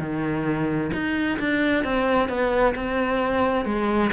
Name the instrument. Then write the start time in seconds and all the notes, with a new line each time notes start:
cello
0.00 D#3
0.93 D#4
1.39 D4
1.84 C4
2.29 B3
2.76 C4
3.65 G#3